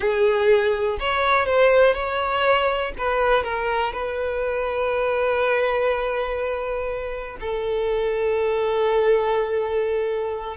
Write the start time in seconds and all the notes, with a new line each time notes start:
0.00 G#4
0.99 C#5
1.46 C5
1.94 C#5
2.98 B4
3.43 A#4
3.93 B4
7.40 A4